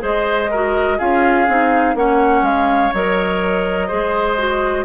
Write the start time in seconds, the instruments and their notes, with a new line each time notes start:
0.00 bassoon G#3, clarinet G#4, oboe C5, flute D#5
0.51 clarinet F#4, oboe A#4
0.98 bassoon C#4, clarinet F4, oboe G#4, flute F5
1.48 bassoon C4, clarinet D#4
1.95 bassoon A#3, clarinet C#4, oboe C#5, flute F#5
2.42 bassoon G#3, flute F5
2.93 bassoon F#3, clarinet A#4, flute D#5
3.87 bassoon G#3, clarinet G#4, oboe C5
4.37 clarinet F#4